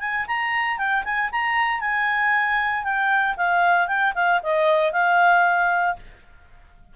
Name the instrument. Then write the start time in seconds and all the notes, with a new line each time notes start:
clarinet
0.00 G#5
0.27 A#5
0.78 G5
1.04 G#5
1.32 A#5
1.81 G#5
2.84 G5
3.37 F5
3.87 G5
4.15 F5
4.43 D#5
4.93 F5